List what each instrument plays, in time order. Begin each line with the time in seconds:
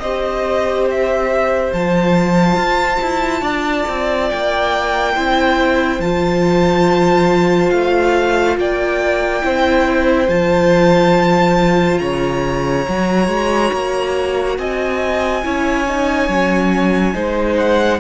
0.00 cello C4, viola G4, violin C5 D#5
0.91 violin E5
1.73 cello F3, viola F4, violin A5
2.56 cello F4
3.02 cello E4
3.42 cello D4, violin D5
3.89 cello C4
4.30 cello A#3, violin G5
5.16 cello C4, viola E4, violin C5
5.99 cello F3, viola F4, violin A5
7.71 cello A3, violin F5
8.57 cello A#3, violin D5 G5
9.42 cello C4, viola E4, violin C5
10.28 cello F3, viola F4, violin A5
11.99 cello C#3, violin C#5 A#5
12.88 cello F#3, viola F#4
13.28 cello G#3
13.74 cello A#3
14.59 cello C4, violin D#5 G#5
15.44 cello C#4, viola E4, violin C#5
15.88 viola D#4
16.29 cello F#3, viola C#4
17.14 cello G#3, viola D#4, violin C5
17.57 violin F#5